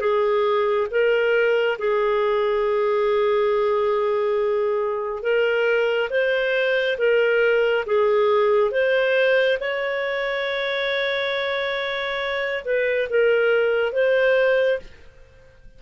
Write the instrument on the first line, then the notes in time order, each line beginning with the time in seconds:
clarinet
0.00 G#4
0.90 A#4
1.78 G#4
5.22 A#4
6.10 C5
6.98 A#4
7.85 G#4
8.71 C5
9.60 C#5
12.64 B4
13.09 A#4
13.92 C5